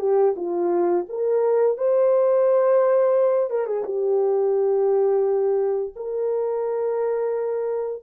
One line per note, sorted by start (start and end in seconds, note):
0.00 0.35 G4
0.36 1.06 F4
1.09 1.78 A#4
1.78 3.50 C5
3.50 3.66 A#4
3.66 3.84 G#4
3.85 5.94 G4
5.96 8.03 A#4